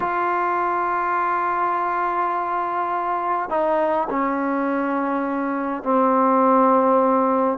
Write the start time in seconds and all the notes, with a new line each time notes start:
0.00 F4
3.49 D#4
4.09 C#4
5.83 C4